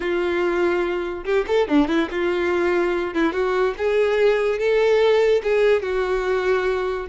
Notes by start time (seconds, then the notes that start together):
0.00 F4
1.25 G4
1.47 A4
1.67 D4
1.88 E4
2.10 F4
3.13 E4
3.32 F#4
3.77 G#4
4.58 A4
5.43 G#4
5.82 F#4